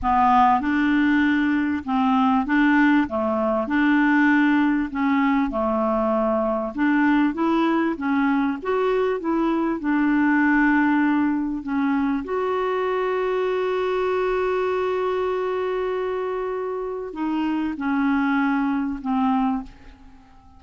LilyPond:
\new Staff \with { instrumentName = "clarinet" } { \time 4/4 \tempo 4 = 98 b4 d'2 c'4 | d'4 a4 d'2 | cis'4 a2 d'4 | e'4 cis'4 fis'4 e'4 |
d'2. cis'4 | fis'1~ | fis'1 | dis'4 cis'2 c'4 | }